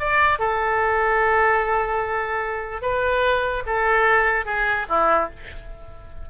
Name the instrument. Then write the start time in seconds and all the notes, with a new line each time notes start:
oboe
0.00 D5
0.39 A4
2.82 B4
3.67 A4
4.46 G#4
4.89 E4